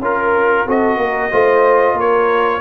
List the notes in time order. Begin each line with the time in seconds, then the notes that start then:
0.00 C#4 F4 A#4
0.66 C4 F#4 A4 D#5
0.98 A#3 A#4
1.31 A3 F4 C5
1.94 A#3 A#4 C#5